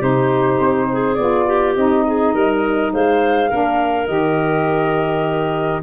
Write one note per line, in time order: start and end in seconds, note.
0.00 0.59 C3
0.00 1.17 D#4
0.00 0.87 G4
0.00 1.15 C5
0.59 1.17 C4
0.92 1.47 G#4
1.15 1.76 B3
1.15 1.76 F4
1.15 1.73 D5
1.47 2.05 G4
1.76 2.34 C4
1.76 3.50 D#4
1.76 2.92 D#5
2.07 2.34 G#4
2.34 2.92 G3
2.34 2.92 A#4
2.93 3.51 G#3
2.93 3.49 C5
2.93 4.07 F5
3.49 4.08 A#3
3.49 4.07 D4
3.49 5.82 A#4
4.07 5.83 D#3
4.07 5.82 G4
4.07 5.81 D#5